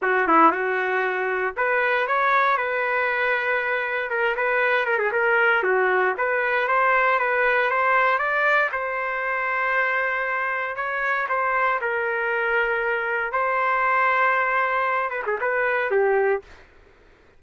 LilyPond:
\new Staff \with { instrumentName = "trumpet" } { \time 4/4 \tempo 4 = 117 fis'8 e'8 fis'2 b'4 | cis''4 b'2. | ais'8 b'4 ais'16 gis'16 ais'4 fis'4 | b'4 c''4 b'4 c''4 |
d''4 c''2.~ | c''4 cis''4 c''4 ais'4~ | ais'2 c''2~ | c''4. b'16 gis'16 b'4 g'4 | }